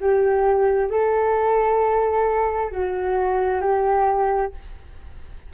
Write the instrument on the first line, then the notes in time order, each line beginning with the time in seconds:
flute
0.00 G4
0.90 A4
2.71 F#4
3.61 G4